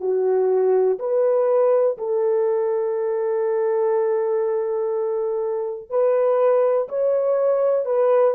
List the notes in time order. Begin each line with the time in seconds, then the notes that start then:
0.00 F#4
0.99 B4
1.98 A4
5.90 B4
6.89 C#5
7.86 B4